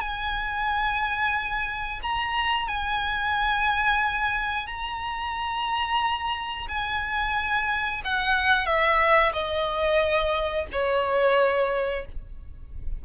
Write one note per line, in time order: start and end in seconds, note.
0.00 2.00 G#5
2.02 2.68 A#5
2.68 4.66 G#5
4.66 6.66 A#5
6.68 8.02 G#5
8.04 8.66 F#5
8.66 9.32 E5
9.32 10.66 D#5
10.72 12.05 C#5